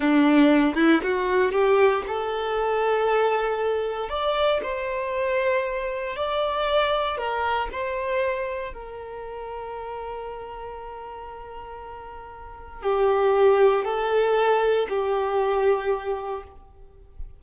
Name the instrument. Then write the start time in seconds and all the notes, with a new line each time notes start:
violin
0.00 D4
0.75 E4
1.03 F#4
1.51 G4
2.07 A4
4.09 D5
4.62 C5
6.16 D5
7.17 A#4
7.72 C5
8.73 A#4
12.82 G4
13.84 A4
14.89 G4